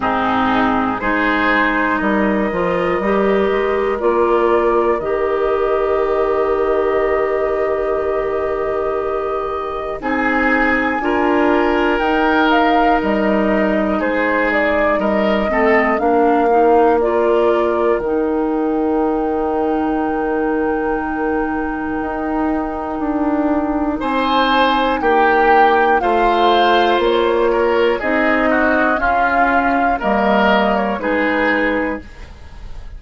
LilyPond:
<<
  \new Staff \with { instrumentName = "flute" } { \time 4/4 \tempo 4 = 60 gis'4 c''4 dis''2 | d''4 dis''2.~ | dis''2 gis''2 | g''8 f''8 dis''4 c''8 d''8 dis''4 |
f''4 d''4 g''2~ | g''1 | gis''4 g''4 f''4 cis''4 | dis''4 f''4 dis''8. cis''16 b'4 | }
  \new Staff \with { instrumentName = "oboe" } { \time 4/4 dis'4 gis'4 ais'2~ | ais'1~ | ais'2 gis'4 ais'4~ | ais'2 gis'4 ais'8 a'8 |
ais'1~ | ais'1 | c''4 g'4 c''4. ais'8 | gis'8 fis'8 f'4 ais'4 gis'4 | }
  \new Staff \with { instrumentName = "clarinet" } { \time 4/4 c'4 dis'4. f'8 g'4 | f'4 g'2.~ | g'2 dis'4 f'4 | dis'2.~ dis'8 c'8 |
d'8 dis'8 f'4 dis'2~ | dis'1~ | dis'2 f'2 | dis'4 cis'4 ais4 dis'4 | }
  \new Staff \with { instrumentName = "bassoon" } { \time 4/4 gis,4 gis4 g8 f8 g8 gis8 | ais4 dis2.~ | dis2 c'4 d'4 | dis'4 g4 gis4 g8 a8 |
ais2 dis2~ | dis2 dis'4 d'4 | c'4 ais4 a4 ais4 | c'4 cis'4 g4 gis4 | }
>>